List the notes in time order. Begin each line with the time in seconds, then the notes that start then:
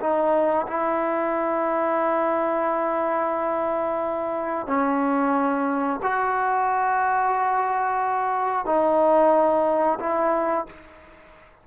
0.00 D#4
0.68 E4
4.67 C#4
6.03 F#4
8.66 D#4
10.00 E4